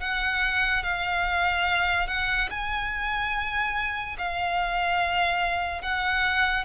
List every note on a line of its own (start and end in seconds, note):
0.00 0.83 F#5
0.83 2.07 F5
2.07 2.49 F#5
2.50 4.17 G#5
4.18 5.82 F5
5.82 6.64 F#5